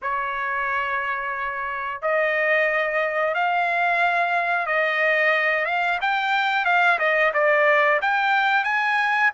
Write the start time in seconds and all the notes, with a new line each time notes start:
0.02 C#5
2.01 D#5
3.34 F5
4.66 D#5
5.65 F5
6.01 G5
6.65 F5
6.98 D#5
7.33 D5
8.01 G5
8.64 G#5